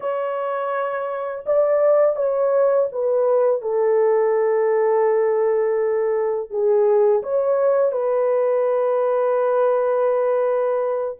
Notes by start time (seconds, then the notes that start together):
0.00 C#5
1.46 D5
2.16 C#5
2.92 B4
3.61 A4
6.50 G#4
7.22 C#5
7.92 B4